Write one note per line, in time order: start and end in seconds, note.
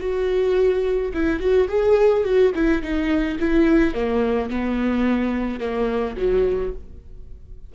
0.00 1.12 F#4
1.14 1.40 E4
1.40 1.68 F#4
1.68 2.24 G#4
2.24 2.52 F#4
2.55 2.82 E4
2.82 3.38 D#4
3.40 3.94 E4
3.94 4.50 A#3
4.50 5.60 B3
5.60 6.16 A#3
6.17 6.73 F#3